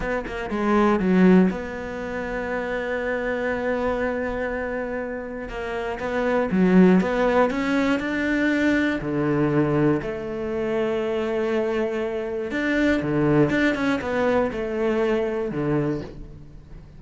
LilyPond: \new Staff \with { instrumentName = "cello" } { \time 4/4 \tempo 4 = 120 b8 ais8 gis4 fis4 b4~ | b1~ | b2. ais4 | b4 fis4 b4 cis'4 |
d'2 d2 | a1~ | a4 d'4 d4 d'8 cis'8 | b4 a2 d4 | }